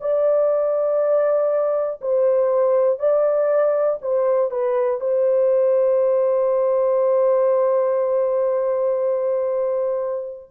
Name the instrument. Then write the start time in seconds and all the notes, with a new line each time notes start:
horn
0.00 D5
2.00 C5
2.99 D5
4.01 C5
4.50 B4
5.00 C5